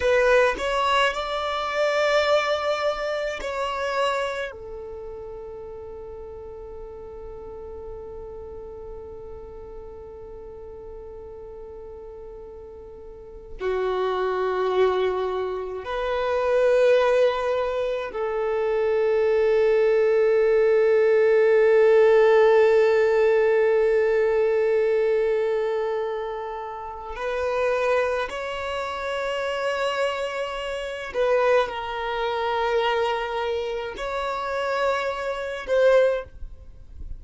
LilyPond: \new Staff \with { instrumentName = "violin" } { \time 4/4 \tempo 4 = 53 b'8 cis''8 d''2 cis''4 | a'1~ | a'1 | fis'2 b'2 |
a'1~ | a'1 | b'4 cis''2~ cis''8 b'8 | ais'2 cis''4. c''8 | }